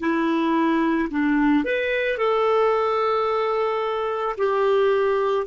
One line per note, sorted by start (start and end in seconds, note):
0.00 1.09 E4
1.11 1.64 D4
1.64 2.18 B4
2.18 4.36 A4
4.37 5.46 G4